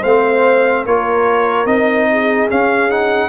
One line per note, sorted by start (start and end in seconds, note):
0.00 0.85 A3
0.00 0.87 C4
0.00 0.82 C5
0.00 0.85 F5
0.85 1.65 A#3
0.85 1.66 F4
0.85 2.09 A#4
0.85 1.66 C#5
1.65 2.47 C4
1.65 2.48 D#4
1.65 2.48 D#5
2.11 3.29 G#4
2.49 2.90 C#4
2.49 3.29 C#4
2.49 2.90 F5
2.90 3.29 D#4
2.90 3.29 F#5